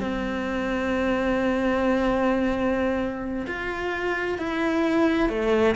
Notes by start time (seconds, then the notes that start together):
0.00 C4
3.47 F4
4.38 E4
5.30 A3